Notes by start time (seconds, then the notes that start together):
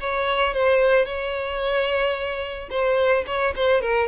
0.00 C#5
0.53 C5
1.05 C#5
2.70 C5
3.26 C#5
3.56 C5
3.81 A#4